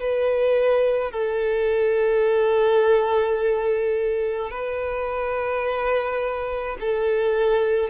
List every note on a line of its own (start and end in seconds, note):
0.00 1.12 B4
1.12 4.51 A4
4.51 6.77 B4
6.80 7.90 A4